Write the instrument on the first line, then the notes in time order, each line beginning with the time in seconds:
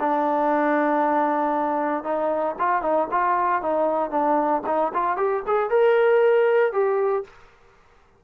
trombone
0.00 D4
2.04 D#4
2.59 F4
2.82 D#4
3.11 F4
3.62 D#4
4.10 D4
4.66 D#4
4.93 F4
5.17 G4
5.47 G#4
5.70 A#4
6.72 G4